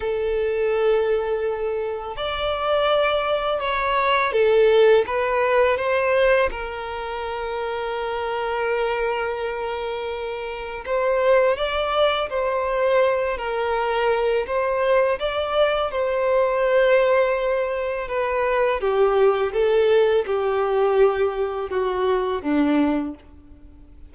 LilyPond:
\new Staff \with { instrumentName = "violin" } { \time 4/4 \tempo 4 = 83 a'2. d''4~ | d''4 cis''4 a'4 b'4 | c''4 ais'2.~ | ais'2. c''4 |
d''4 c''4. ais'4. | c''4 d''4 c''2~ | c''4 b'4 g'4 a'4 | g'2 fis'4 d'4 | }